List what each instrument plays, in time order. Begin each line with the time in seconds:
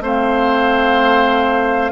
0.00 bassoon A3, clarinet C4, oboe C5, flute F5